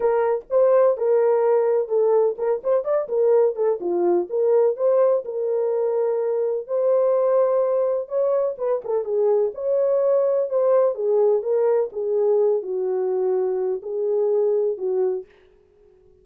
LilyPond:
\new Staff \with { instrumentName = "horn" } { \time 4/4 \tempo 4 = 126 ais'4 c''4 ais'2 | a'4 ais'8 c''8 d''8 ais'4 a'8 | f'4 ais'4 c''4 ais'4~ | ais'2 c''2~ |
c''4 cis''4 b'8 a'8 gis'4 | cis''2 c''4 gis'4 | ais'4 gis'4. fis'4.~ | fis'4 gis'2 fis'4 | }